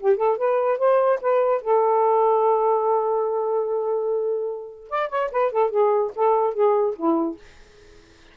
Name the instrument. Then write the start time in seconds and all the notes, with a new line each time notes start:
saxophone
0.00 G4
0.17 A4
0.38 B4
0.78 C5
1.21 B4
1.61 A4
4.90 D5
5.10 C#5
5.31 B4
5.52 A4
5.70 G#4
6.16 A4
6.54 G#4
6.96 E4